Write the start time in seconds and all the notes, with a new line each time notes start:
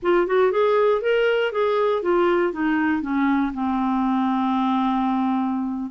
0.02 F4
0.26 F#4
0.51 G#4
1.01 A#4
1.52 G#4
2.02 F4
2.52 D#4
3.01 C#4
3.53 C4